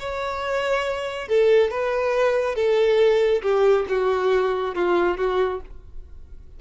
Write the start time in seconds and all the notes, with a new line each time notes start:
0.00 C#5
1.29 A4
1.71 B4
2.56 A4
3.42 G4
3.89 F#4
4.75 F4
5.18 F#4